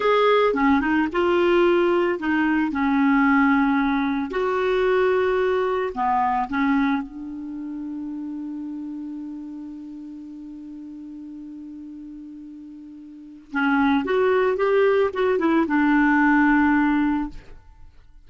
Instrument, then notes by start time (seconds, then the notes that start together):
clarinet
0.00 G#4
0.54 C#4
0.81 D#4
1.12 F4
2.19 D#4
2.71 C#4
4.30 F#4
5.94 B3
6.49 C#4
7.02 D4
13.52 C#4
14.04 F#4
14.57 G4
15.13 F#4
15.39 E4
15.67 D4